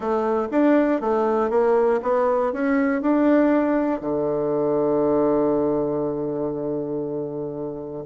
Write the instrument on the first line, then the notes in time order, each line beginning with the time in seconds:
bassoon
0.00 A3
0.51 D4
1.01 A3
1.50 A#3
2.02 B3
2.52 C#4
3.01 D4
4.00 D3